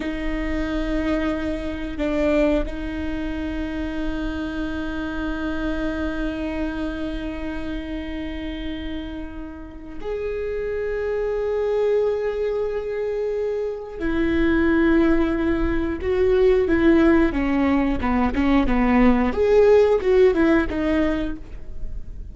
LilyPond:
\new Staff \with { instrumentName = "viola" } { \time 4/4 \tempo 4 = 90 dis'2. d'4 | dis'1~ | dis'1~ | dis'2. gis'4~ |
gis'1~ | gis'4 e'2. | fis'4 e'4 cis'4 b8 cis'8 | b4 gis'4 fis'8 e'8 dis'4 | }